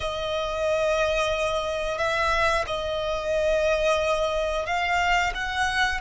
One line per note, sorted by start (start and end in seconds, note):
0.00 1.98 D#5
1.98 2.65 E5
2.66 4.65 D#5
4.65 5.32 F5
5.34 6.00 F#5